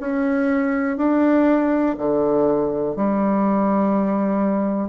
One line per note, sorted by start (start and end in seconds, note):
0.00 0.98 C#4
0.98 1.96 D4
1.98 2.96 D3
2.96 4.90 G3